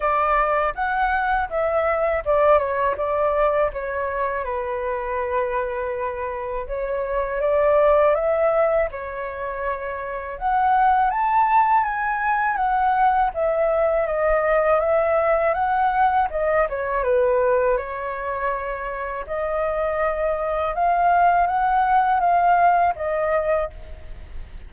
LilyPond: \new Staff \with { instrumentName = "flute" } { \time 4/4 \tempo 4 = 81 d''4 fis''4 e''4 d''8 cis''8 | d''4 cis''4 b'2~ | b'4 cis''4 d''4 e''4 | cis''2 fis''4 a''4 |
gis''4 fis''4 e''4 dis''4 | e''4 fis''4 dis''8 cis''8 b'4 | cis''2 dis''2 | f''4 fis''4 f''4 dis''4 | }